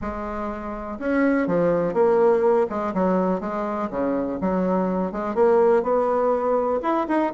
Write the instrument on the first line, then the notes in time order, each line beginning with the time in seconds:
bassoon
0.01 G#3
0.99 C#4
1.47 F3
1.93 A#3
2.69 G#3
2.94 F#3
3.40 G#3
3.90 C#3
4.41 F#3
5.12 G#3
5.35 A#3
5.82 B3
6.82 E4
7.07 D#4